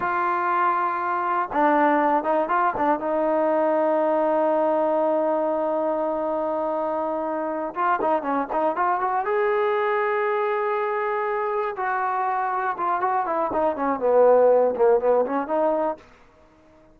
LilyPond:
\new Staff \with { instrumentName = "trombone" } { \time 4/4 \tempo 4 = 120 f'2. d'4~ | d'8 dis'8 f'8 d'8 dis'2~ | dis'1~ | dis'2.~ dis'8 f'8 |
dis'8 cis'8 dis'8 f'8 fis'8 gis'4.~ | gis'2.~ gis'8 fis'8~ | fis'4. f'8 fis'8 e'8 dis'8 cis'8 | b4. ais8 b8 cis'8 dis'4 | }